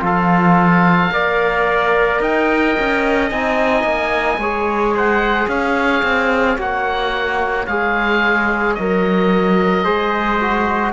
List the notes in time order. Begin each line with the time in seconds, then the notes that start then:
0.00 F3 F4 A4
0.06 F5
1.12 A#3 A#4 D5
2.20 D#4 D#5 G5
2.79 C#4
3.30 C4 D#4 G#5
3.84 A#3
4.38 G#3 G#4 C#5
4.95 C5 F#5
5.48 C#4 C#5 F5
6.03 C4
6.58 A#3 F#4 F#5
7.67 G#3 G#4 F5
8.75 F#3 A#4 D#5
9.84 G#3 G#4 C5
10.40 F#4